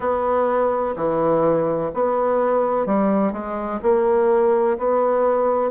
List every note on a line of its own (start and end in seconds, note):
0.00 0.95 B3
0.95 1.90 E3
1.94 2.86 B3
2.86 3.32 G3
3.32 3.80 G#3
3.82 4.77 A#3
4.78 5.71 B3